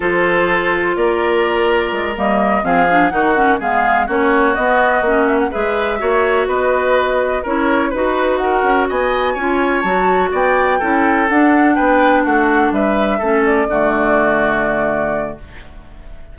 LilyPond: <<
  \new Staff \with { instrumentName = "flute" } { \time 4/4 \tempo 4 = 125 c''2 d''2~ | d''8 dis''4 f''4 fis''4 f''8~ | f''8 cis''4 dis''4. e''16 fis''16 e''8~ | e''4. dis''2 cis''8~ |
cis''8 b'4 fis''4 gis''4.~ | gis''8 a''4 g''2 fis''8~ | fis''8 g''4 fis''4 e''4. | d''1 | }
  \new Staff \with { instrumentName = "oboe" } { \time 4/4 a'2 ais'2~ | ais'4. gis'4 fis'4 gis'8~ | gis'8 fis'2. b'8~ | b'8 cis''4 b'2 ais'8~ |
ais'8 b'4 ais'4 dis''4 cis''8~ | cis''4. d''4 a'4.~ | a'8 b'4 fis'4 b'4 a'8~ | a'8 fis'2.~ fis'8 | }
  \new Staff \with { instrumentName = "clarinet" } { \time 4/4 f'1~ | f'8 ais4 c'8 d'8 dis'8 cis'8 b8~ | b8 cis'4 b4 cis'4 gis'8~ | gis'8 fis'2. e'8~ |
e'8 fis'2. f'8~ | f'8 fis'2 e'4 d'8~ | d'2.~ d'8 cis'8~ | cis'8 a2.~ a8 | }
  \new Staff \with { instrumentName = "bassoon" } { \time 4/4 f2 ais2 | gis8 g4 f4 dis4 gis8~ | gis8 ais4 b4 ais4 gis8~ | gis8 ais4 b2 cis'8~ |
cis'8 dis'4. cis'8 b4 cis'8~ | cis'8 fis4 b4 cis'4 d'8~ | d'8 b4 a4 g4 a8~ | a8 d2.~ d8 | }
>>